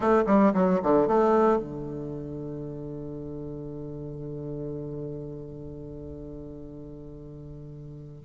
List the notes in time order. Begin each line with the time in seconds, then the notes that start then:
0.00 A3
0.26 G3
0.53 F#3
0.82 D3
1.07 A3
1.58 D3